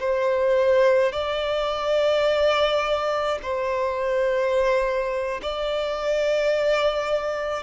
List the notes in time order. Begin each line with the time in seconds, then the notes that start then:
0.00 C5
1.12 D5
3.42 C5
5.42 D5